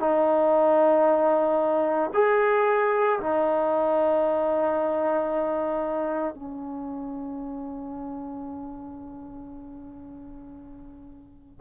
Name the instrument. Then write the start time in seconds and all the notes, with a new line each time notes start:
trombone
0.00 D#4
2.14 G#4
3.20 D#4
6.34 C#4